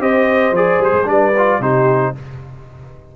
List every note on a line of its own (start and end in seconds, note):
0.00 0.52 C4
0.00 0.54 G4
0.00 1.09 C5
0.00 0.56 D#5
0.52 0.79 F3
0.52 1.05 G#4
0.52 0.83 D5
0.80 0.93 G3
0.80 1.09 C5
0.94 1.06 G#3
1.05 1.60 G3
1.05 1.32 D4
1.05 1.61 B4
1.05 1.62 D5
1.38 1.62 F4
1.60 2.14 C3
1.60 2.15 D#4
1.60 2.15 G4
1.60 2.16 C5